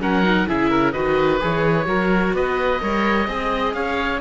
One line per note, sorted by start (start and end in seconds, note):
0.00 0.47 F#3
0.00 0.23 C#4
0.00 0.48 A#4
0.00 0.49 F#5
0.23 0.47 D#4
0.47 0.95 C#3
0.47 0.94 E4
0.47 0.70 G#4
0.47 0.92 E5
0.70 0.93 A#4
0.92 1.42 D#3
0.92 1.40 F#4
0.92 1.87 B4
0.92 1.39 D#5
1.40 1.87 E3
1.40 1.86 G#4
1.40 2.35 C#5
1.86 2.33 F#3
1.86 2.79 F#4
1.86 2.35 A#4
2.34 2.81 B3
2.34 2.82 B4
2.34 3.74 D#5
2.80 3.27 G3
2.80 3.27 A#4
2.80 3.29 C#5
3.27 3.74 C4
3.27 4.21 G#4
3.27 3.76 D#5
3.74 4.21 C#4
3.74 4.21 C#5
3.74 4.21 F5